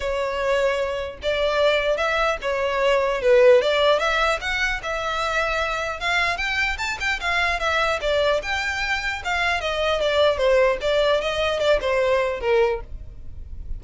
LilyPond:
\new Staff \with { instrumentName = "violin" } { \time 4/4 \tempo 4 = 150 cis''2. d''4~ | d''4 e''4 cis''2 | b'4 d''4 e''4 fis''4 | e''2. f''4 |
g''4 a''8 g''8 f''4 e''4 | d''4 g''2 f''4 | dis''4 d''4 c''4 d''4 | dis''4 d''8 c''4. ais'4 | }